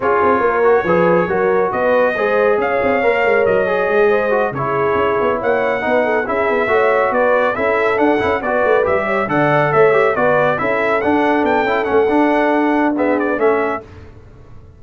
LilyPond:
<<
  \new Staff \with { instrumentName = "trumpet" } { \time 4/4 \tempo 4 = 139 cis''1 | dis''2 f''2 | dis''2~ dis''8 cis''4.~ | cis''8 fis''2 e''4.~ |
e''8 d''4 e''4 fis''4 d''8~ | d''8 e''4 fis''4 e''4 d''8~ | d''8 e''4 fis''4 g''4 fis''8~ | fis''2 e''8 d''8 e''4 | }
  \new Staff \with { instrumentName = "horn" } { \time 4/4 gis'4 ais'4 b'4 ais'4 | b'4 c''4 cis''2~ | cis''4. c''4 gis'4.~ | gis'8 cis''4 b'8 a'8 gis'4 cis''8~ |
cis''8 b'4 a'2 b'8~ | b'4 cis''8 d''4 cis''4 b'8~ | b'8 a'2.~ a'8~ | a'2 gis'4 a'4 | }
  \new Staff \with { instrumentName = "trombone" } { \time 4/4 f'4. fis'8 gis'4 fis'4~ | fis'4 gis'2 ais'4~ | ais'8 gis'4. fis'8 e'4.~ | e'4. dis'4 e'4 fis'8~ |
fis'4. e'4 d'8 e'8 fis'8~ | fis'8 g'4 a'4. g'8 fis'8~ | fis'8 e'4 d'4. e'8 cis'8 | d'2 b4 cis'4 | }
  \new Staff \with { instrumentName = "tuba" } { \time 4/4 cis'8 c'8 ais4 f4 fis4 | b4 gis4 cis'8 c'8 ais8 gis8 | fis4 gis4. cis4 cis'8 | b8 ais4 b4 cis'8 b8 a8~ |
a8 b4 cis'4 d'8 cis'8 b8 | a8 g4 d4 a4 b8~ | b8 cis'4 d'4 b8 cis'8 a8 | d'2. a4 | }
>>